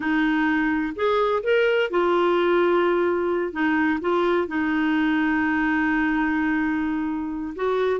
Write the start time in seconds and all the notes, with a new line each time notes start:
0.00 D#4
0.95 G#4
1.43 A#4
1.90 F4
3.52 D#4
4.00 F4
4.47 D#4
7.55 F#4